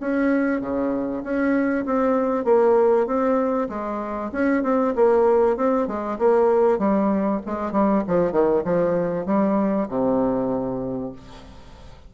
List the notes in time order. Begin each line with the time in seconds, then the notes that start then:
0.00 C#4
0.60 C#3
1.23 C#4
1.85 C4
2.44 A#3
3.06 C4
3.69 G#3
4.32 C#4
4.63 C4
4.95 A#3
5.56 C4
5.87 G#3
6.18 A#3
6.78 G3
7.45 G#3
7.72 G3
8.07 F3
8.31 D#3
8.64 F3
9.26 G3
9.89 C3